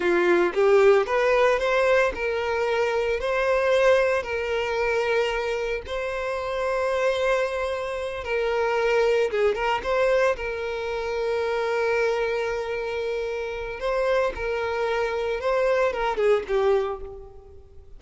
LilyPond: \new Staff \with { instrumentName = "violin" } { \time 4/4 \tempo 4 = 113 f'4 g'4 b'4 c''4 | ais'2 c''2 | ais'2. c''4~ | c''2.~ c''8 ais'8~ |
ais'4. gis'8 ais'8 c''4 ais'8~ | ais'1~ | ais'2 c''4 ais'4~ | ais'4 c''4 ais'8 gis'8 g'4 | }